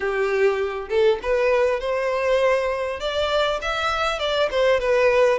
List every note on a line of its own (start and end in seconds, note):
0.00 0.88 G4
0.89 1.19 A4
1.22 1.80 B4
1.80 3.00 C5
3.00 3.60 D5
3.61 4.19 E5
4.19 4.49 D5
4.50 4.80 C5
4.80 5.38 B4